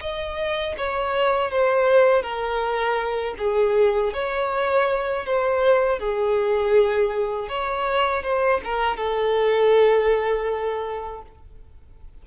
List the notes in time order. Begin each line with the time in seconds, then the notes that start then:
0.00 D#5
0.77 C#5
1.50 C5
2.22 A#4
3.38 G#4
4.13 C#5
5.25 C5
5.99 G#4
7.48 C#5
8.23 C5
8.64 A#4
8.96 A4